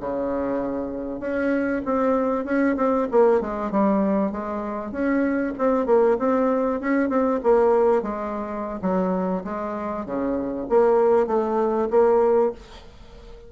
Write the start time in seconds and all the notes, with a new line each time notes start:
0.00 C#3
1.20 C#4
1.85 C4
2.45 C#4
2.76 C4
3.11 A#3
3.41 G#3
3.71 G3
4.32 G#3
4.91 C#4
5.58 C4
5.86 A#3
6.19 C4
6.80 C#4
7.09 C4
7.43 A#3
8.02 G#3
8.81 F#3
9.44 G#3
10.05 C#3
10.69 A#3
11.27 A3
11.90 A#3